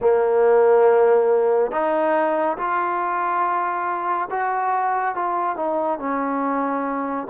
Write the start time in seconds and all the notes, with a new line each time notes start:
0.00 A#3
1.71 D#4
2.57 F4
4.30 F#4
5.15 F4
5.56 D#4
5.98 C#4